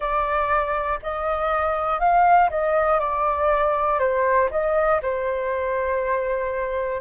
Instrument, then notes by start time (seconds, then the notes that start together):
flute
0.00 D5
1.02 D#5
2.00 F5
2.50 D#5
2.99 D5
3.99 C5
4.50 D#5
5.01 C5